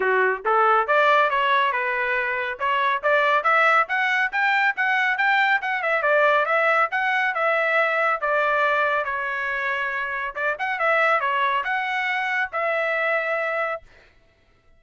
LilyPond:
\new Staff \with { instrumentName = "trumpet" } { \time 4/4 \tempo 4 = 139 fis'4 a'4 d''4 cis''4 | b'2 cis''4 d''4 | e''4 fis''4 g''4 fis''4 | g''4 fis''8 e''8 d''4 e''4 |
fis''4 e''2 d''4~ | d''4 cis''2. | d''8 fis''8 e''4 cis''4 fis''4~ | fis''4 e''2. | }